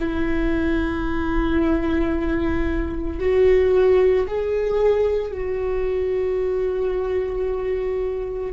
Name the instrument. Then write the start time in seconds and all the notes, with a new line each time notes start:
viola
0.00 E4
3.19 F#4
4.28 G#4
5.32 F#4